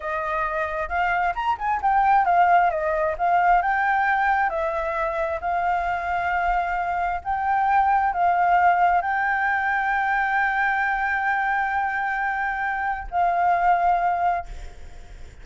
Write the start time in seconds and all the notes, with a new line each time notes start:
0.00 D#5
0.88 F5
1.35 A#5
1.58 G#5
1.82 G5
2.25 F5
2.70 D#5
3.18 F5
3.62 G5
4.49 E5
5.40 F5
7.24 G5
8.13 F5
9.01 G5
13.10 F5